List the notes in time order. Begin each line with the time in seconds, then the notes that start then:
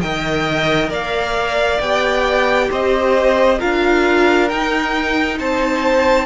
0.00 D#3 A#4 D#5 G5
0.89 A#3 D5 F5
1.80 B3 G4 G5
2.70 C4 C5 D#5
3.59 D4 F4 A#4 F5
4.49 D#4 G5
5.39 C4 C5 A5